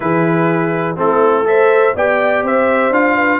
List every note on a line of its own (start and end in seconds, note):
0.00 0.97 E3
0.00 0.96 E4
0.00 0.98 G#4
0.00 0.96 B4
0.96 1.94 A3
0.96 1.44 C4
0.96 1.47 E4
0.96 1.47 A4
1.44 1.93 A4
1.44 1.95 C5
1.44 1.95 E5
1.95 2.42 B3
1.95 2.93 G4
1.95 2.43 D5
1.95 2.46 G5
2.42 2.90 C4
2.42 3.15 C5
2.42 2.93 E5
2.90 3.39 D4
2.90 3.40 F4
2.90 3.40 F5
3.15 3.39 B4